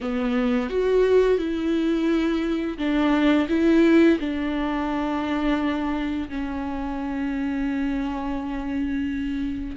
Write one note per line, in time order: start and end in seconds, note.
0.01 0.69 B3
0.69 1.38 F#4
1.38 2.77 E4
2.77 3.47 D4
3.49 4.18 E4
4.19 6.28 D4
6.29 9.76 C#4